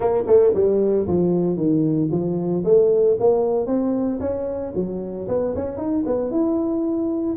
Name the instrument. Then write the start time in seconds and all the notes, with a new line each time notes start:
tuba
0.00 A#3
0.27 A3
0.54 G3
1.07 F3
1.56 D#3
2.11 F3
2.64 A3
3.19 A#3
3.66 C4
4.20 C#4
4.75 F#3
5.28 B3
5.55 C#4
5.77 D#4
6.06 B3
6.31 E4